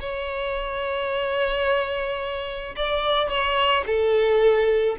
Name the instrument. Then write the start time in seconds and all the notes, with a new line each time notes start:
violin
0.00 C#5
2.76 D5
3.29 C#5
3.86 A4